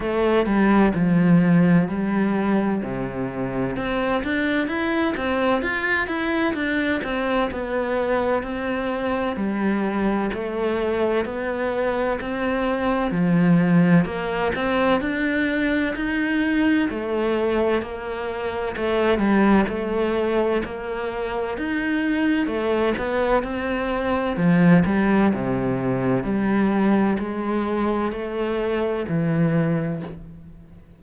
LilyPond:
\new Staff \with { instrumentName = "cello" } { \time 4/4 \tempo 4 = 64 a8 g8 f4 g4 c4 | c'8 d'8 e'8 c'8 f'8 e'8 d'8 c'8 | b4 c'4 g4 a4 | b4 c'4 f4 ais8 c'8 |
d'4 dis'4 a4 ais4 | a8 g8 a4 ais4 dis'4 | a8 b8 c'4 f8 g8 c4 | g4 gis4 a4 e4 | }